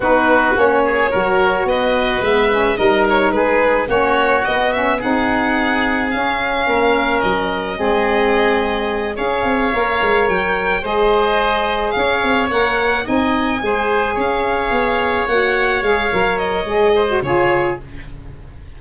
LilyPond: <<
  \new Staff \with { instrumentName = "violin" } { \time 4/4 \tempo 4 = 108 b'4 cis''2 dis''4 | e''4 dis''8 cis''8 b'4 cis''4 | dis''8 e''8 fis''2 f''4~ | f''4 dis''2.~ |
dis''8 f''2 g''4 dis''8~ | dis''4. f''4 fis''4 gis''8~ | gis''4. f''2 fis''8~ | fis''8 f''4 dis''4. cis''4 | }
  \new Staff \with { instrumentName = "oboe" } { \time 4/4 fis'4. gis'8 ais'4 b'4~ | b'4 ais'4 gis'4 fis'4~ | fis'4 gis'2. | ais'2 gis'2~ |
gis'8 cis''2. c''8~ | c''4. cis''2 dis''8~ | dis''8 c''4 cis''2~ cis''8~ | cis''2~ cis''8 c''8 gis'4 | }
  \new Staff \with { instrumentName = "saxophone" } { \time 4/4 dis'4 cis'4 fis'2 | b8 cis'8 dis'2 cis'4 | b8 cis'8 dis'2 cis'4~ | cis'2 c'2~ |
c'8 gis'4 ais'2 gis'8~ | gis'2~ gis'8 ais'4 dis'8~ | dis'8 gis'2. fis'8~ | fis'8 gis'8 ais'4 gis'8. fis'16 f'4 | }
  \new Staff \with { instrumentName = "tuba" } { \time 4/4 b4 ais4 fis4 b4 | gis4 g4 gis4 ais4 | b4 c'2 cis'4 | ais4 fis4 gis2~ |
gis8 cis'8 c'8 ais8 gis8 fis4 gis8~ | gis4. cis'8 c'8 ais4 c'8~ | c'8 gis4 cis'4 b4 ais8~ | ais8 gis8 fis4 gis4 cis4 | }
>>